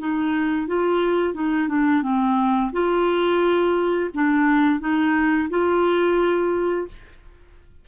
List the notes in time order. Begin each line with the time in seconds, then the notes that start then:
0.00 D#4
0.67 F4
1.34 D#4
1.68 D4
2.03 C4
2.72 F4
4.14 D4
4.80 D#4
5.50 F4